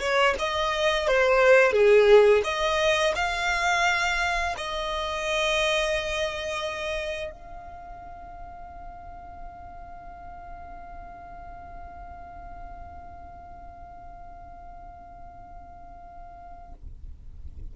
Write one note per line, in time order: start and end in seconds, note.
0.00 0.35 C#5
0.39 1.08 D#5
1.08 1.72 C5
1.72 2.42 G#4
2.44 3.14 D#5
3.16 4.55 F5
4.58 7.31 D#5
7.31 16.73 F5